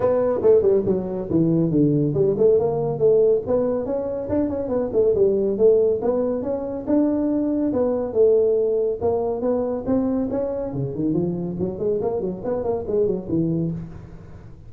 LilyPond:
\new Staff \with { instrumentName = "tuba" } { \time 4/4 \tempo 4 = 140 b4 a8 g8 fis4 e4 | d4 g8 a8 ais4 a4 | b4 cis'4 d'8 cis'8 b8 a8 | g4 a4 b4 cis'4 |
d'2 b4 a4~ | a4 ais4 b4 c'4 | cis'4 cis8 dis8 f4 fis8 gis8 | ais8 fis8 b8 ais8 gis8 fis8 e4 | }